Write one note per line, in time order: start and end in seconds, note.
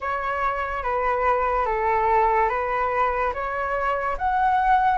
0.00 0.83 C#5
0.83 1.65 B4
1.65 2.48 A4
2.49 3.32 B4
3.33 4.17 C#5
4.17 4.98 F#5